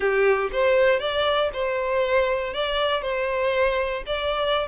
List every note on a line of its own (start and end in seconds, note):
0.00 0.50 G4
0.52 0.99 C5
0.99 1.50 D5
1.53 2.53 C5
2.53 3.02 D5
3.02 4.03 C5
4.06 4.67 D5